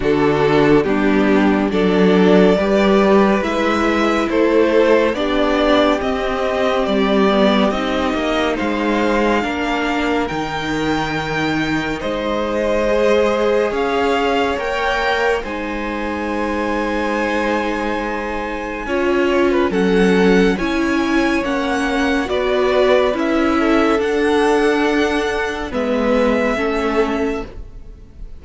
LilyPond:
<<
  \new Staff \with { instrumentName = "violin" } { \time 4/4 \tempo 4 = 70 a'4 g'4 d''2 | e''4 c''4 d''4 dis''4 | d''4 dis''4 f''2 | g''2 dis''2 |
f''4 g''4 gis''2~ | gis''2. fis''4 | gis''4 fis''4 d''4 e''4 | fis''2 e''2 | }
  \new Staff \with { instrumentName = "violin" } { \time 4/4 fis'4 d'4 a'4 b'4~ | b'4 a'4 g'2~ | g'2 c''4 ais'4~ | ais'2 c''2 |
cis''2 c''2~ | c''2 cis''8. b'16 a'4 | cis''2 b'4. a'8~ | a'2 b'4 a'4 | }
  \new Staff \with { instrumentName = "viola" } { \time 4/4 d'4 b4 d'4 g'4 | e'2 d'4 c'4~ | c'8 b8 dis'2 d'4 | dis'2. gis'4~ |
gis'4 ais'4 dis'2~ | dis'2 f'4 cis'4 | e'4 cis'4 fis'4 e'4 | d'2 b4 cis'4 | }
  \new Staff \with { instrumentName = "cello" } { \time 4/4 d4 g4 fis4 g4 | gis4 a4 b4 c'4 | g4 c'8 ais8 gis4 ais4 | dis2 gis2 |
cis'4 ais4 gis2~ | gis2 cis'4 fis4 | cis'4 ais4 b4 cis'4 | d'2 gis4 a4 | }
>>